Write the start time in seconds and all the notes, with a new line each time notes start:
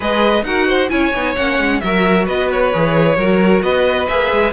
0.00 G#3 G#4 B4 D#5
0.43 D#4 F#4 A#4 F#5
0.67 C5
0.89 C#4 E4 C#5 G#5
1.13 B3 D#4
1.36 A#3 C#4 F#5
1.59 G#3
1.80 F#3 F#4 A#4 E5
2.25 B3 B4 D#5
2.51 C#5
2.73 E3 G#4
3.16 F#3 F#4 A#4
3.62 B3 B4 D#5
4.07 A#3 G#4 E5
4.32 G#3